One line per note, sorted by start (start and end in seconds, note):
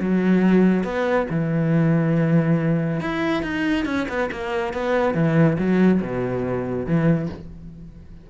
0.00 0.83 F#3
0.83 1.26 B3
1.30 3.00 E3
3.00 3.42 E4
3.42 3.85 D#4
3.85 4.07 C#4
4.08 4.30 B3
4.31 4.73 A#3
4.73 5.14 B3
5.14 5.57 E3
5.58 6.01 F#3
6.01 6.86 B2
6.86 7.29 E3